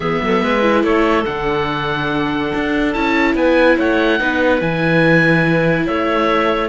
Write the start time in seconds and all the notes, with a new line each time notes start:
0.00 E3 B3 G#4 E5
0.21 F#3 A4
0.42 G#3 B4
0.61 E4
0.83 A3 A4 C#5
1.24 D3 D4 F#5
2.54 D4
2.92 C#4 E4 A5
3.34 B3 B4 G#5
3.78 A3 C#5 F#5
4.19 B3 D#4 B4
4.60 E3 E4 G#5
5.86 A3 C#5 E5